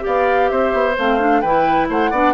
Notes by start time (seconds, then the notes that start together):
0.00 B3 G4 D5 F5
0.48 C4 C5 E5
0.72 B3
0.97 A3 C4 F5
1.19 D4
1.41 E3 E4 B4 G5
1.89 A3 C5 F#5
2.10 B3 D4 D5